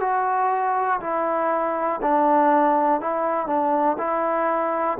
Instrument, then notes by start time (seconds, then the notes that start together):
trombone
0.00 F#4
1.00 E4
2.02 D4
3.00 E4
3.47 D4
3.98 E4